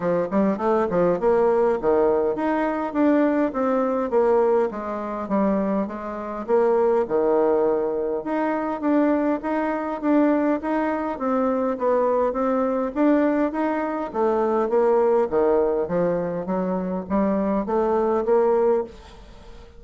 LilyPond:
\new Staff \with { instrumentName = "bassoon" } { \time 4/4 \tempo 4 = 102 f8 g8 a8 f8 ais4 dis4 | dis'4 d'4 c'4 ais4 | gis4 g4 gis4 ais4 | dis2 dis'4 d'4 |
dis'4 d'4 dis'4 c'4 | b4 c'4 d'4 dis'4 | a4 ais4 dis4 f4 | fis4 g4 a4 ais4 | }